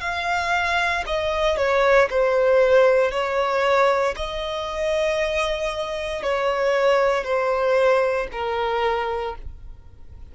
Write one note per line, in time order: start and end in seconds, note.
0.00 1.03 F5
1.06 1.57 D#5
1.57 2.08 C#5
2.10 3.11 C5
3.11 4.14 C#5
4.16 6.23 D#5
6.23 7.24 C#5
7.24 8.27 C5
8.31 9.35 A#4